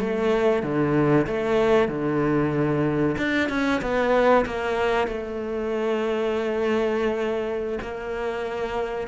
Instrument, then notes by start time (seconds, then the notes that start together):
cello
0.00 A3
0.63 D3
1.27 A3
1.89 D3
3.18 D4
3.49 C#4
3.82 B3
4.46 A#3
5.08 A3
7.82 A#3